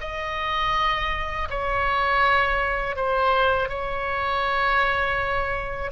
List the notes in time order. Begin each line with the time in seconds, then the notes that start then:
0.00 D#5
1.49 C#5
2.96 C5
3.68 C#5